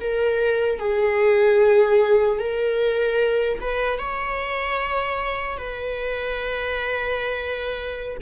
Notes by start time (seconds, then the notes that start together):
0.00 A#4
0.79 G#4
2.39 A#4
3.61 B4
3.99 C#5
5.57 B4